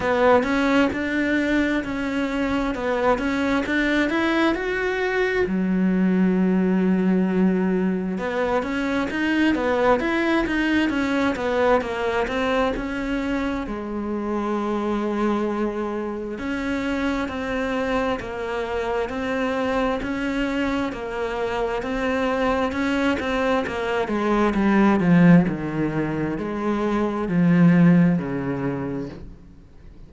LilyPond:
\new Staff \with { instrumentName = "cello" } { \time 4/4 \tempo 4 = 66 b8 cis'8 d'4 cis'4 b8 cis'8 | d'8 e'8 fis'4 fis2~ | fis4 b8 cis'8 dis'8 b8 e'8 dis'8 | cis'8 b8 ais8 c'8 cis'4 gis4~ |
gis2 cis'4 c'4 | ais4 c'4 cis'4 ais4 | c'4 cis'8 c'8 ais8 gis8 g8 f8 | dis4 gis4 f4 cis4 | }